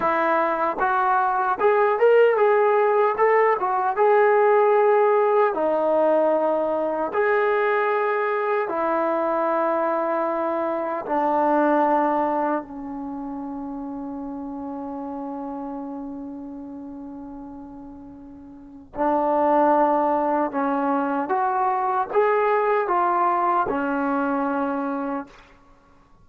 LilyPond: \new Staff \with { instrumentName = "trombone" } { \time 4/4 \tempo 4 = 76 e'4 fis'4 gis'8 ais'8 gis'4 | a'8 fis'8 gis'2 dis'4~ | dis'4 gis'2 e'4~ | e'2 d'2 |
cis'1~ | cis'1 | d'2 cis'4 fis'4 | gis'4 f'4 cis'2 | }